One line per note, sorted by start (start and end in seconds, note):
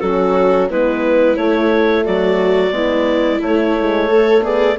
0.00 0.70 F#3
0.00 0.70 C#4
0.00 0.69 F#4
0.00 0.68 A4
0.70 1.37 G#3
0.70 1.38 B3
0.70 2.04 E4
0.70 1.36 B4
1.36 2.05 A3
1.36 2.71 A3
1.36 2.04 C#5
2.04 2.72 F#3
2.04 2.72 F#4
2.04 3.41 D5
2.71 3.40 G#3
2.71 3.39 B3
2.71 4.09 E4
3.41 4.78 A3
3.41 3.78 A3
3.41 4.44 C#5
3.80 4.09 G#3
4.09 4.42 A3
4.09 4.43 A4
4.42 4.76 B3
4.42 4.77 G#4
4.42 4.78 D5